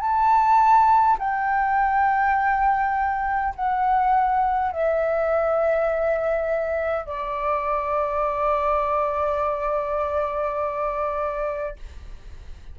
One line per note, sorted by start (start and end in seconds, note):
0.00 1.18 A5
1.19 3.54 G5
3.55 4.72 F#5
4.72 7.06 E5
7.06 11.76 D5